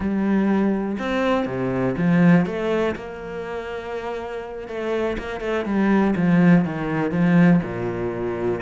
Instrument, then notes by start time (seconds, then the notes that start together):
cello
0.00 G3
0.98 C4
1.46 C3
1.97 F3
2.46 A3
2.95 A#3
4.68 A3
5.18 A#3
5.40 A3
5.65 G3
6.16 F3
6.64 D#3
7.11 F3
7.62 A#2